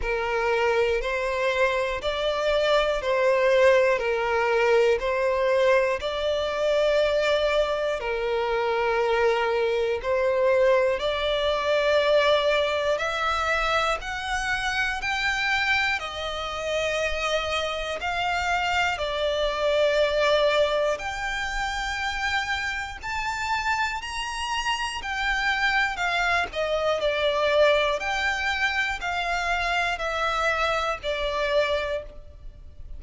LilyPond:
\new Staff \with { instrumentName = "violin" } { \time 4/4 \tempo 4 = 60 ais'4 c''4 d''4 c''4 | ais'4 c''4 d''2 | ais'2 c''4 d''4~ | d''4 e''4 fis''4 g''4 |
dis''2 f''4 d''4~ | d''4 g''2 a''4 | ais''4 g''4 f''8 dis''8 d''4 | g''4 f''4 e''4 d''4 | }